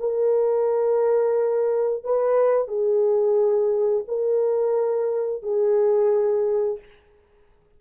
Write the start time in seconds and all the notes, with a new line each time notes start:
0.00 A#4
2.04 B4
2.68 G#4
4.08 A#4
5.43 G#4